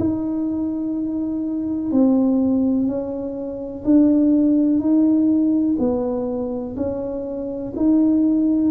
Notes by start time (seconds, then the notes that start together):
0.00 D#4
1.92 C4
2.87 C#4
3.85 D4
4.80 D#4
5.79 B3
6.77 C#4
7.76 D#4